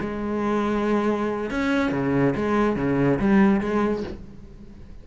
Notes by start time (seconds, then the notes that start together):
0.00 G#3
1.50 C#4
1.91 C#3
2.35 G#3
2.76 C#3
3.19 G3
3.60 G#3